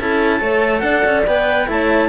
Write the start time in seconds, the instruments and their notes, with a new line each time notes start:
0.00 cello C#4 E4, horn A4, clarinet A5
0.40 cello A3 A4, horn C#5
0.80 cello D4, horn D5, clarinet F#5
1.05 cello C#4
1.27 cello B3 B4, clarinet G5
1.67 cello A3 E4, horn C#5, clarinet A5